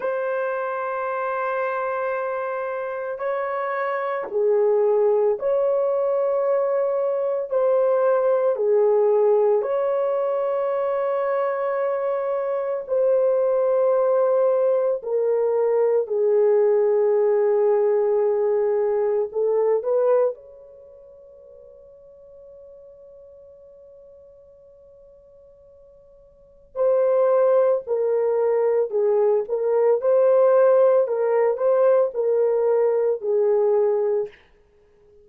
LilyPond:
\new Staff \with { instrumentName = "horn" } { \time 4/4 \tempo 4 = 56 c''2. cis''4 | gis'4 cis''2 c''4 | gis'4 cis''2. | c''2 ais'4 gis'4~ |
gis'2 a'8 b'8 cis''4~ | cis''1~ | cis''4 c''4 ais'4 gis'8 ais'8 | c''4 ais'8 c''8 ais'4 gis'4 | }